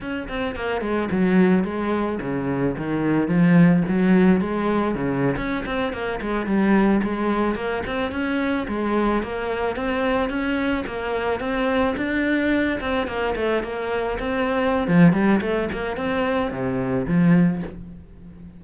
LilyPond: \new Staff \with { instrumentName = "cello" } { \time 4/4 \tempo 4 = 109 cis'8 c'8 ais8 gis8 fis4 gis4 | cis4 dis4 f4 fis4 | gis4 cis8. cis'8 c'8 ais8 gis8 g16~ | g8. gis4 ais8 c'8 cis'4 gis16~ |
gis8. ais4 c'4 cis'4 ais16~ | ais8. c'4 d'4. c'8 ais16~ | ais16 a8 ais4 c'4~ c'16 f8 g8 | a8 ais8 c'4 c4 f4 | }